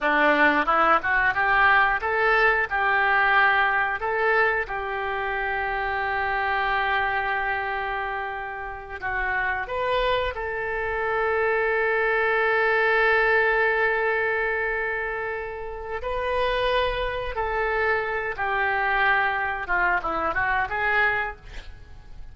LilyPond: \new Staff \with { instrumentName = "oboe" } { \time 4/4 \tempo 4 = 90 d'4 e'8 fis'8 g'4 a'4 | g'2 a'4 g'4~ | g'1~ | g'4. fis'4 b'4 a'8~ |
a'1~ | a'1 | b'2 a'4. g'8~ | g'4. f'8 e'8 fis'8 gis'4 | }